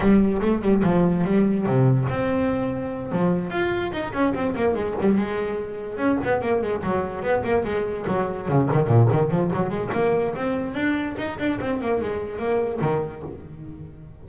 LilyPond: \new Staff \with { instrumentName = "double bass" } { \time 4/4 \tempo 4 = 145 g4 a8 g8 f4 g4 | c4 c'2~ c'8 f8~ | f8 f'4 dis'8 cis'8 c'8 ais8 gis8 | g8 gis2 cis'8 b8 ais8 |
gis8 fis4 b8 ais8 gis4 fis8~ | fis8 cis8 dis8 ais,8 dis8 f8 fis8 gis8 | ais4 c'4 d'4 dis'8 d'8 | c'8 ais8 gis4 ais4 dis4 | }